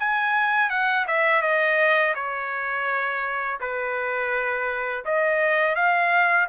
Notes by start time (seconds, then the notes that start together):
0.00 G#5
0.70 F#5
1.08 E5
1.42 D#5
2.15 C#5
3.60 B4
5.05 D#5
5.76 F5